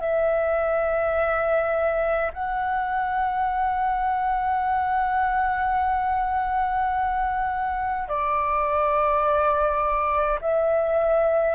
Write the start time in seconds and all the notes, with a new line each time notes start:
0.00 E5
2.33 F#5
8.08 D5
10.41 E5